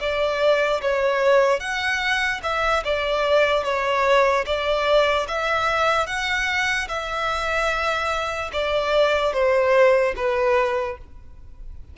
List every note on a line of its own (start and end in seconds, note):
0.00 0.81 D5
0.81 1.60 C#5
1.60 2.41 F#5
2.43 2.83 E5
2.84 3.64 D5
3.64 4.45 C#5
4.46 5.27 D5
5.27 6.07 E5
6.07 6.88 F#5
6.88 8.50 E5
8.53 9.33 D5
9.33 10.14 C5
10.16 10.97 B4